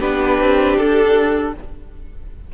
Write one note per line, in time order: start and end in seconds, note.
0.00 0.38 B3
0.00 1.53 D4
0.00 1.52 G4
0.00 0.77 B4
0.40 0.78 C4
0.77 1.54 D4
0.77 1.53 A4